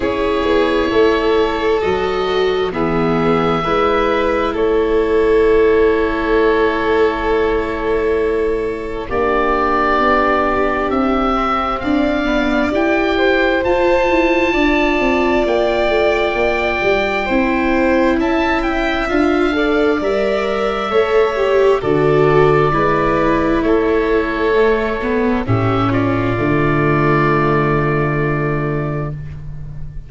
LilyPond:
<<
  \new Staff \with { instrumentName = "oboe" } { \time 4/4 \tempo 4 = 66 cis''2 dis''4 e''4~ | e''4 cis''2.~ | cis''2 d''2 | e''4 f''4 g''4 a''4~ |
a''4 g''2. | a''8 g''8 f''4 e''2 | d''2 cis''2 | e''8 d''2.~ d''8 | }
  \new Staff \with { instrumentName = "violin" } { \time 4/4 gis'4 a'2 gis'4 | b'4 a'2.~ | a'2 g'2~ | g'4 d''4. c''4. |
d''2. c''4 | e''4. d''4. cis''4 | a'4 b'4 a'2 | g'8 f'2.~ f'8 | }
  \new Staff \with { instrumentName = "viola" } { \time 4/4 e'2 fis'4 b4 | e'1~ | e'2 d'2~ | d'8 c'4 b8 g'4 f'4~ |
f'2. e'4~ | e'4 f'8 a'8 ais'4 a'8 g'8 | fis'4 e'2 a8 b8 | cis'4 a2. | }
  \new Staff \with { instrumentName = "tuba" } { \time 4/4 cis'8 b8 a4 fis4 e4 | gis4 a2.~ | a2 ais4 b4 | c'4 d'4 e'4 f'8 e'8 |
d'8 c'8 ais8 a8 ais8 g8 c'4 | cis'4 d'4 g4 a4 | d4 gis4 a2 | a,4 d2. | }
>>